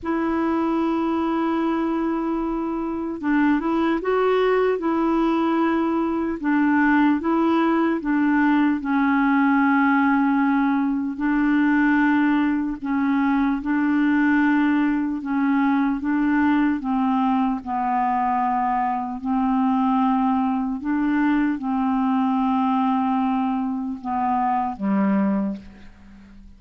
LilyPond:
\new Staff \with { instrumentName = "clarinet" } { \time 4/4 \tempo 4 = 75 e'1 | d'8 e'8 fis'4 e'2 | d'4 e'4 d'4 cis'4~ | cis'2 d'2 |
cis'4 d'2 cis'4 | d'4 c'4 b2 | c'2 d'4 c'4~ | c'2 b4 g4 | }